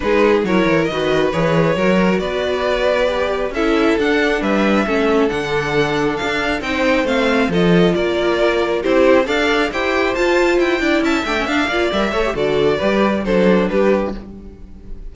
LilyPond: <<
  \new Staff \with { instrumentName = "violin" } { \time 4/4 \tempo 4 = 136 b'4 cis''4 dis''4 cis''4~ | cis''4 d''2. | e''4 fis''4 e''2 | fis''2 f''4 g''4 |
f''4 dis''4 d''2 | c''4 f''4 g''4 a''4 | g''4 a''8 g''8 f''4 e''4 | d''2 c''4 b'4 | }
  \new Staff \with { instrumentName = "violin" } { \time 4/4 gis'4 ais'4 b'2 | ais'4 b'2. | a'2 b'4 a'4~ | a'2. c''4~ |
c''4 a'4 ais'2 | g'4 d''4 c''2~ | c''8 d''8 e''4. d''4 cis''8 | a'4 b'4 a'4 g'4 | }
  \new Staff \with { instrumentName = "viola" } { \time 4/4 dis'4 e'4 fis'4 gis'4 | fis'2. g'4 | e'4 d'2 cis'4 | d'2. dis'4 |
c'4 f'2. | e'4 a'4 g'4 f'4~ | f'8 e'4 d'16 cis'16 d'8 f'8 ais'8 a'16 g'16 | fis'4 g'4 d'2 | }
  \new Staff \with { instrumentName = "cello" } { \time 4/4 gis4 fis8 e8 dis4 e4 | fis4 b2. | cis'4 d'4 g4 a4 | d2 d'4 c'4 |
a4 f4 ais2 | c'4 d'4 e'4 f'4 | e'8 d'8 cis'8 a8 d'8 ais8 g8 a8 | d4 g4 fis4 g4 | }
>>